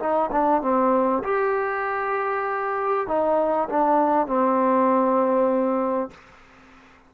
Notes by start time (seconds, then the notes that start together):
0.00 D#4
0.33 D4
0.62 C4
1.24 G4
3.08 D#4
3.70 D4
4.27 C4